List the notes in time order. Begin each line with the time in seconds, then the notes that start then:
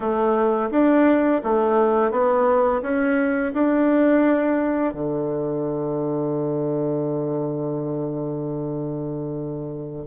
0.00 A3
0.71 D4
1.43 A3
2.11 B3
2.82 C#4
3.53 D4
4.93 D3